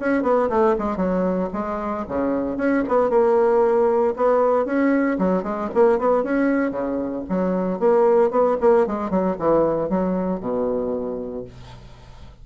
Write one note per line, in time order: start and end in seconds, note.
0.00 0.23 C#4
0.23 0.49 B3
0.50 0.76 A3
0.79 0.97 G#3
0.97 1.49 F#3
1.53 2.06 G#3
2.08 2.58 C#3
2.58 2.84 C#4
2.88 3.10 B3
3.10 4.15 A#3
4.17 4.66 B3
4.66 5.18 C#4
5.19 5.44 F#3
5.44 5.70 G#3
5.75 5.99 A#3
5.99 6.24 B3
6.24 6.72 C#4
6.72 7.24 C#3
7.29 7.80 F#3
7.80 8.31 A#3
8.31 8.57 B3
8.61 8.87 A#3
8.87 9.11 G#3
9.11 9.37 F#3
9.39 9.90 E3
9.90 10.41 F#3
10.41 11.45 B2